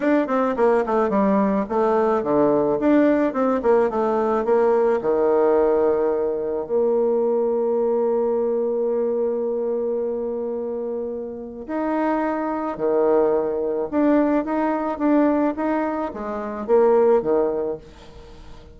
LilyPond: \new Staff \with { instrumentName = "bassoon" } { \time 4/4 \tempo 4 = 108 d'8 c'8 ais8 a8 g4 a4 | d4 d'4 c'8 ais8 a4 | ais4 dis2. | ais1~ |
ais1~ | ais4 dis'2 dis4~ | dis4 d'4 dis'4 d'4 | dis'4 gis4 ais4 dis4 | }